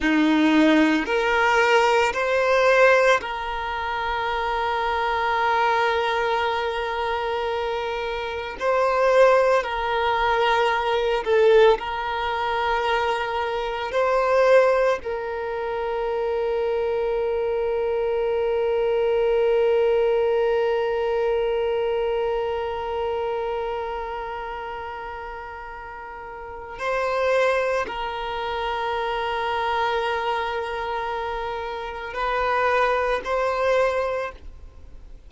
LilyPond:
\new Staff \with { instrumentName = "violin" } { \time 4/4 \tempo 4 = 56 dis'4 ais'4 c''4 ais'4~ | ais'1 | c''4 ais'4. a'8 ais'4~ | ais'4 c''4 ais'2~ |
ais'1~ | ais'1~ | ais'4 c''4 ais'2~ | ais'2 b'4 c''4 | }